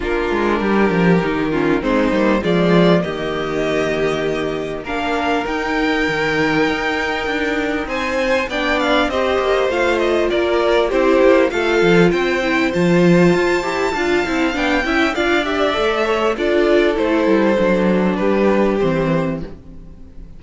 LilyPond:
<<
  \new Staff \with { instrumentName = "violin" } { \time 4/4 \tempo 4 = 99 ais'2. c''4 | d''4 dis''2. | f''4 g''2.~ | g''4 gis''4 g''8 f''8 dis''4 |
f''8 dis''8 d''4 c''4 f''4 | g''4 a''2. | g''4 f''8 e''4. d''4 | c''2 b'4 c''4 | }
  \new Staff \with { instrumentName = "violin" } { \time 4/4 f'4 g'4. f'8 dis'4 | f'4 g'2. | ais'1~ | ais'4 c''4 d''4 c''4~ |
c''4 ais'4 g'4 a'4 | c''2. f''4~ | f''8 e''8 d''4. cis''8 a'4~ | a'2 g'2 | }
  \new Staff \with { instrumentName = "viola" } { \time 4/4 d'2 dis'8 cis'8 c'8 ais8 | gis4 ais2. | d'4 dis'2.~ | dis'2 d'4 g'4 |
f'2 e'4 f'4~ | f'8 e'8 f'4. g'8 f'8 e'8 | d'8 e'8 f'8 g'8 a'4 f'4 | e'4 d'2 c'4 | }
  \new Staff \with { instrumentName = "cello" } { \time 4/4 ais8 gis8 g8 f8 dis4 gis8 g8 | f4 dis2. | ais4 dis'4 dis4 dis'4 | d'4 c'4 b4 c'8 ais8 |
a4 ais4 c'8 ais8 a8 f8 | c'4 f4 f'8 e'8 d'8 c'8 | b8 cis'8 d'4 a4 d'4 | a8 g8 fis4 g4 e4 | }
>>